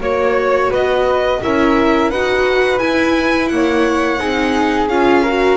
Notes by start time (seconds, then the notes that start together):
0.00 A#3 F#4 C#5
0.70 B3 B4 D#5
1.42 C#4 E4 A#4 E5
2.10 D#4 F#4 B4 F#5
2.79 E4 G#5
3.48 A#3 F#5
3.54 C#5
4.19 C4 D#4 G#4
4.88 C#4 F4 F5
5.23 F#4 A#4